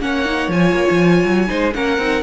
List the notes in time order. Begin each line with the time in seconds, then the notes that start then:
0.00 A#3 C#4 C#5 F#5
0.25 D#4
0.48 F3 F4 G#5
0.72 A#3
0.90 F3
1.24 F#3
1.47 G#3 D#4 C5
1.73 A#3 C#4 A#4 F#5
1.98 C4 D#4